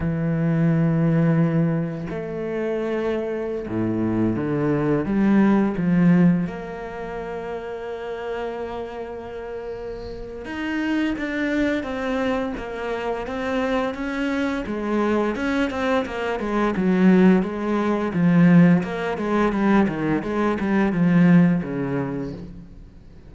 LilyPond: \new Staff \with { instrumentName = "cello" } { \time 4/4 \tempo 4 = 86 e2. a4~ | a4~ a16 a,4 d4 g8.~ | g16 f4 ais2~ ais8.~ | ais2. dis'4 |
d'4 c'4 ais4 c'4 | cis'4 gis4 cis'8 c'8 ais8 gis8 | fis4 gis4 f4 ais8 gis8 | g8 dis8 gis8 g8 f4 cis4 | }